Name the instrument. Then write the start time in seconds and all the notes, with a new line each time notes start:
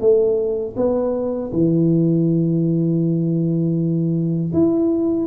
tuba
0.00 A3
0.76 B3
1.52 E3
4.53 E4